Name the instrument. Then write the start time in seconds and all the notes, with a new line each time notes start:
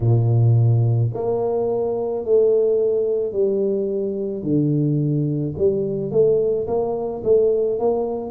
tuba
0.00 A#2
1.13 A#3
2.24 A3
3.32 G3
4.42 D3
5.57 G3
6.11 A3
6.67 A#3
7.24 A3
7.79 A#3